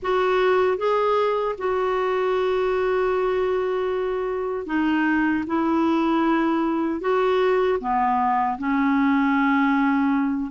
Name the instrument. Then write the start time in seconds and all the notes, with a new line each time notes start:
clarinet
0.02 F#4
0.77 G#4
1.58 F#4
4.66 D#4
5.47 E4
7.01 F#4
7.80 B3
8.58 C#4